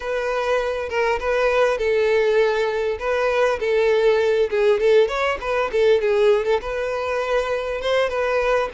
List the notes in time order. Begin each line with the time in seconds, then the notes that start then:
0.00 B4
0.89 A#4
1.19 B4
1.78 A4
2.99 B4
3.59 A4
4.49 G#4
4.79 A4
5.08 C#5
5.40 B4
5.72 A4
6.01 G#4
6.45 A4
6.61 B4
7.81 C5
8.09 B4